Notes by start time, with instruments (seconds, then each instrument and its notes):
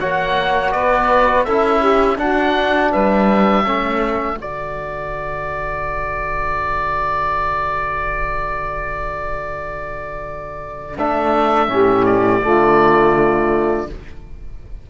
0.00 cello A#3, trombone F#4, saxophone C#5, oboe F#5
0.72 cello B3, saxophone B4, oboe D5
1.45 cello C#4, trombone E4, saxophone A4, oboe E5
1.81 saxophone G4
2.18 trombone D4, cello D4, saxophone F#4, oboe F#5
2.92 cello G3, saxophone B4, oboe E5
3.65 cello A3, trombone C#4, saxophone A4
4.37 cello D3, trombone F#4, oboe D5
10.98 cello A3, trombone D4, oboe E5
11.68 cello A2, trombone C#4, saxophone G4
12.06 oboe D5
12.42 cello D3, trombone A3, saxophone F4